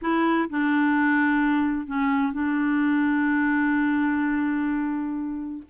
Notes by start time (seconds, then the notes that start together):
0.01 E4
0.49 D4
1.86 C#4
2.32 D4